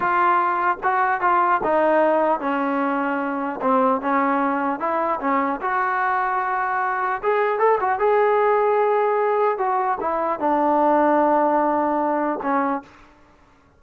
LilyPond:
\new Staff \with { instrumentName = "trombone" } { \time 4/4 \tempo 4 = 150 f'2 fis'4 f'4 | dis'2 cis'2~ | cis'4 c'4 cis'2 | e'4 cis'4 fis'2~ |
fis'2 gis'4 a'8 fis'8 | gis'1 | fis'4 e'4 d'2~ | d'2. cis'4 | }